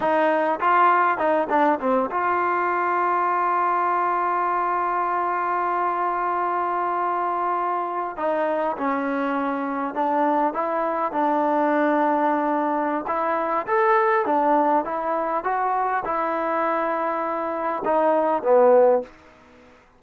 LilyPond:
\new Staff \with { instrumentName = "trombone" } { \time 4/4 \tempo 4 = 101 dis'4 f'4 dis'8 d'8 c'8 f'8~ | f'1~ | f'1~ | f'4.~ f'16 dis'4 cis'4~ cis'16~ |
cis'8. d'4 e'4 d'4~ d'16~ | d'2 e'4 a'4 | d'4 e'4 fis'4 e'4~ | e'2 dis'4 b4 | }